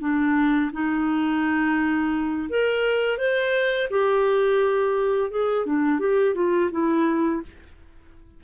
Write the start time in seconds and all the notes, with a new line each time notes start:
0.00 D4
0.72 D#4
2.49 A#4
3.17 C5
3.90 G4
5.30 G#4
5.65 D4
5.99 G4
6.34 F4
6.71 E4